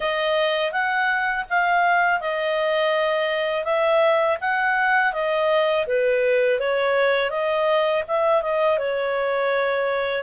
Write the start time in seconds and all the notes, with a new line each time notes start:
0.00 D#5
0.72 F#5
1.49 F5
2.20 D#5
3.64 E5
4.40 F#5
5.12 D#5
5.86 B4
6.59 C#5
7.30 D#5
8.07 E5
8.41 D#5
8.78 C#5